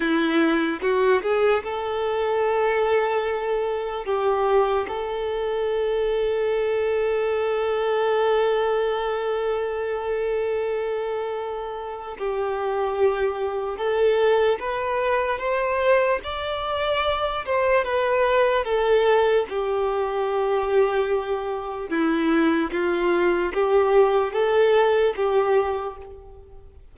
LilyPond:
\new Staff \with { instrumentName = "violin" } { \time 4/4 \tempo 4 = 74 e'4 fis'8 gis'8 a'2~ | a'4 g'4 a'2~ | a'1~ | a'2. g'4~ |
g'4 a'4 b'4 c''4 | d''4. c''8 b'4 a'4 | g'2. e'4 | f'4 g'4 a'4 g'4 | }